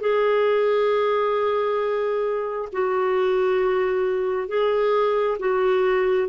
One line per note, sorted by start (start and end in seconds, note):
0.00 2.69 G#4
2.72 4.48 F#4
4.48 5.37 G#4
5.39 6.28 F#4